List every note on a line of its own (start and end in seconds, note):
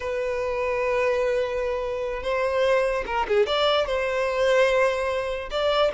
0.00 2.22 B4
2.22 3.04 C5
3.06 3.26 A#4
3.28 3.46 G#4
3.46 3.86 D5
3.86 5.49 C5
5.50 5.91 D5